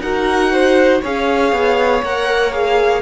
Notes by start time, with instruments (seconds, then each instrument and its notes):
0.00 cello D#4, viola F#4, violin A#4 F#5
0.53 violin C5
1.02 cello C#4, viola G#4, violin C#5 F5
1.52 cello B3
2.03 cello A#3, viola A#4, violin F#5
2.52 viola G#4, violin F5